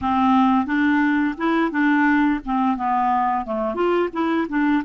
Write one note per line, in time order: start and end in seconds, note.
0.01 0.66 C4
0.66 1.34 D4
1.37 1.71 E4
1.71 2.40 D4
2.45 2.76 C4
2.76 3.45 B3
3.45 3.74 A3
3.74 4.09 F4
4.13 4.47 E4
4.48 4.83 D4